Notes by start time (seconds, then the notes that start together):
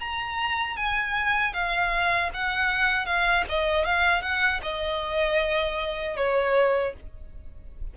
0.00 A#5
0.77 G#5
1.54 F5
2.34 F#5
3.06 F5
3.50 D#5
3.86 F5
4.22 F#5
4.63 D#5
6.17 C#5